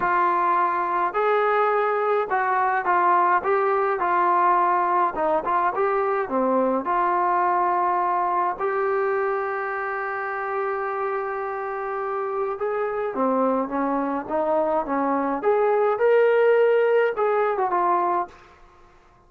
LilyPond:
\new Staff \with { instrumentName = "trombone" } { \time 4/4 \tempo 4 = 105 f'2 gis'2 | fis'4 f'4 g'4 f'4~ | f'4 dis'8 f'8 g'4 c'4 | f'2. g'4~ |
g'1~ | g'2 gis'4 c'4 | cis'4 dis'4 cis'4 gis'4 | ais'2 gis'8. fis'16 f'4 | }